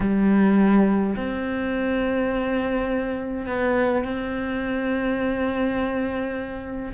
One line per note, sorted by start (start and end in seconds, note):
0.00 1.15 G3
1.16 3.46 C4
3.46 4.04 B3
4.04 6.92 C4